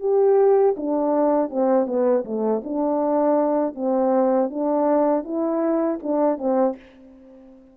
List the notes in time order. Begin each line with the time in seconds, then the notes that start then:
0.00 G4
0.77 D4
1.50 C4
1.86 B3
2.25 A3
2.64 D4
3.75 C4
4.50 D4
5.24 E4
6.03 D4
6.38 C4